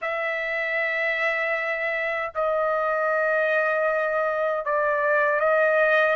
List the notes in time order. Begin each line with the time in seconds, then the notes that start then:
0.01 E5
2.34 D#5
4.65 D5
5.40 D#5